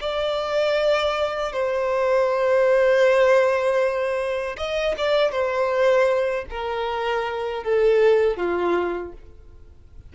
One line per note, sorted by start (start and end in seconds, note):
0.00 1.52 D5
1.52 4.56 C5
4.57 4.95 D#5
4.97 5.31 D5
5.31 6.45 C5
6.50 7.63 A#4
7.63 8.36 A4
8.36 9.12 F4